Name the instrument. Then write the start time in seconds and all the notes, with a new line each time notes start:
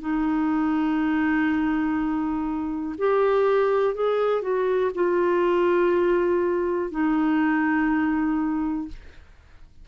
clarinet
0.00 D#4
2.98 G4
3.94 G#4
4.41 F#4
4.94 F4
6.91 D#4